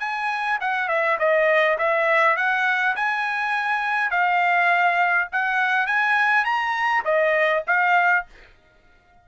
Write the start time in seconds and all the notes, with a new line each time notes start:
0.00 G#5
0.61 F#5
0.88 E5
1.19 D#5
1.78 E5
2.37 F#5
2.96 G#5
4.10 F5
5.32 F#5
5.87 G#5
6.45 A#5
7.05 D#5
7.67 F5